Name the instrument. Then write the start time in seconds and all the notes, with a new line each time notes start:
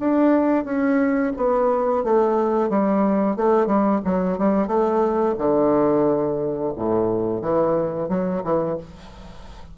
bassoon
0.00 D4
0.65 C#4
1.37 B3
2.04 A3
2.70 G3
3.37 A3
3.67 G3
4.05 F#3
4.39 G3
4.68 A3
5.38 D3
6.77 A2
7.42 E3
8.09 F#3
8.44 E3